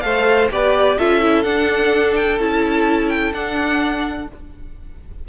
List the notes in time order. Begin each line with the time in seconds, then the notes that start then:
0.00 A3 A4 C5 F5
0.50 B3 G4 B4 D5
0.98 C#4 F4 A4 E5
1.21 E4
1.43 D4 F#5
2.15 G5
2.39 C#4 E4 A5
3.09 G5
3.32 D4 F#5